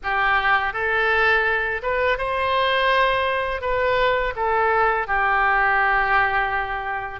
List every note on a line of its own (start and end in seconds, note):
0.03 0.73 G4
0.73 1.81 A4
1.82 2.18 B4
2.18 3.61 C5
3.61 4.33 B4
4.35 5.07 A4
5.07 7.20 G4